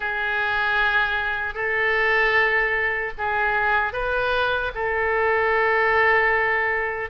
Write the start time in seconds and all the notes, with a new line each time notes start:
0.00 G#4
1.54 A4
3.18 G#4
3.92 B4
4.74 A4